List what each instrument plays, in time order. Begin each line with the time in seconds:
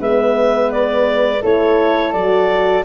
0.00 tuba G#3, horn B3, flute B4, clarinet E5
0.72 clarinet D5
1.42 tuba A3, horn E4, flute A4, clarinet C#5
2.13 tuba F#3, horn F#4, clarinet D5